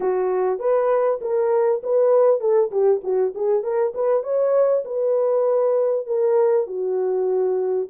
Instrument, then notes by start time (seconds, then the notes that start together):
horn
0.00 F#4
0.59 B4
1.21 A#4
1.83 B4
2.40 A4
2.71 G4
3.03 F#4
3.34 G#4
3.63 A#4
3.94 B4
4.23 C#5
4.85 B4
6.06 A#4
6.66 F#4